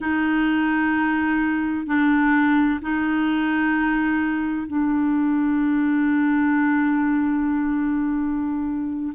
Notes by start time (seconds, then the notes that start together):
0.00 D#4
1.86 D4
2.81 D#4
4.67 D4